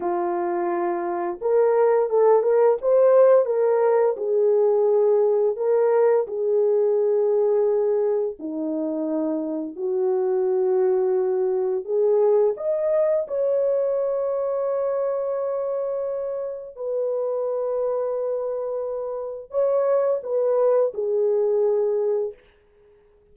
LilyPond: \new Staff \with { instrumentName = "horn" } { \time 4/4 \tempo 4 = 86 f'2 ais'4 a'8 ais'8 | c''4 ais'4 gis'2 | ais'4 gis'2. | dis'2 fis'2~ |
fis'4 gis'4 dis''4 cis''4~ | cis''1 | b'1 | cis''4 b'4 gis'2 | }